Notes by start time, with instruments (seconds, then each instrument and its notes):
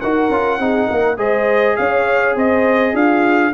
0.00 tuba D#4, trombone F#4, horn A#4, trumpet F#5
0.29 tuba C#4, trombone F4
0.58 tuba C4, trombone D#4, horn G#4
0.87 tuba A#3, horn A#4
1.17 tuba G#3, trombone G#4, horn C5, trumpet D#5
1.76 tuba C#4, horn C#5, trumpet F5
2.35 tuba C4, horn C5, trumpet D#5
2.92 tuba D4, horn F4, trumpet F5